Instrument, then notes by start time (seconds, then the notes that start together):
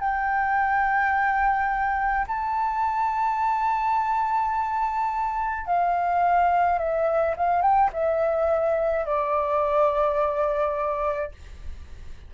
flute
0.00 G5
2.27 A5
5.66 F5
6.79 E5
7.36 F5
7.62 G5
7.93 E5
9.06 D5